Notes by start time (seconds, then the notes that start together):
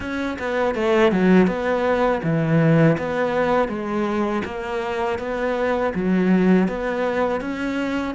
0.00 C#4
0.38 B3
0.74 A3
1.11 F#3
1.46 B3
2.23 E3
2.97 B3
3.68 G#3
4.44 A#3
5.19 B3
5.94 F#3
6.68 B3
7.41 C#4